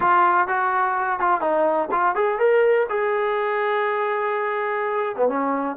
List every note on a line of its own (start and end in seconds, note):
0.00 0.47 F4
0.47 1.19 F#4
1.19 1.41 F4
1.41 1.89 D#4
1.91 2.15 F4
2.15 2.38 G#4
2.38 2.86 A#4
2.89 5.16 G#4
5.16 5.28 B3
5.28 5.76 C#4